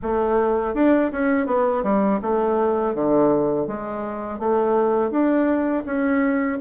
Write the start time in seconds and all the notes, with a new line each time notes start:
0.02 A3
0.74 D4
1.12 C#4
1.46 B3
1.83 G3
2.21 A3
2.94 D3
3.67 G#3
4.39 A3
5.11 D4
5.85 C#4